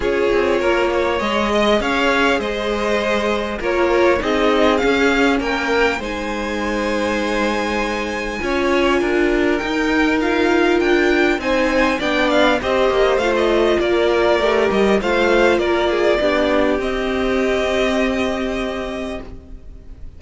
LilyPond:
<<
  \new Staff \with { instrumentName = "violin" } { \time 4/4 \tempo 4 = 100 cis''2 dis''4 f''4 | dis''2 cis''4 dis''4 | f''4 g''4 gis''2~ | gis''1 |
g''4 f''4 g''4 gis''4 | g''8 f''8 dis''4 f''16 dis''8. d''4~ | d''8 dis''8 f''4 d''2 | dis''1 | }
  \new Staff \with { instrumentName = "violin" } { \time 4/4 gis'4 ais'8 cis''4 dis''8 cis''4 | c''2 ais'4 gis'4~ | gis'4 ais'4 c''2~ | c''2 cis''4 ais'4~ |
ais'2. c''4 | d''4 c''2 ais'4~ | ais'4 c''4 ais'8 gis'8 g'4~ | g'1 | }
  \new Staff \with { instrumentName = "viola" } { \time 4/4 f'2 gis'2~ | gis'2 f'4 dis'4 | cis'2 dis'2~ | dis'2 f'2 |
dis'4 f'2 dis'4 | d'4 g'4 f'2 | g'4 f'2 d'4 | c'1 | }
  \new Staff \with { instrumentName = "cello" } { \time 4/4 cis'8 c'8 ais4 gis4 cis'4 | gis2 ais4 c'4 | cis'4 ais4 gis2~ | gis2 cis'4 d'4 |
dis'2 d'4 c'4 | b4 c'8 ais8 a4 ais4 | a8 g8 a4 ais4 b4 | c'1 | }
>>